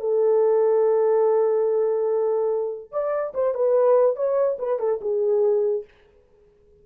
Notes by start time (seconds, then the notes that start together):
0.00 A4
2.92 D5
3.34 C5
3.55 B4
4.16 C#5
4.59 B4
4.79 A4
5.01 G#4